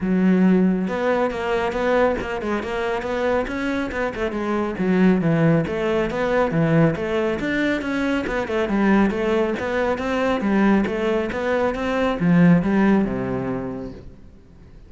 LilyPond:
\new Staff \with { instrumentName = "cello" } { \time 4/4 \tempo 4 = 138 fis2 b4 ais4 | b4 ais8 gis8 ais4 b4 | cis'4 b8 a8 gis4 fis4 | e4 a4 b4 e4 |
a4 d'4 cis'4 b8 a8 | g4 a4 b4 c'4 | g4 a4 b4 c'4 | f4 g4 c2 | }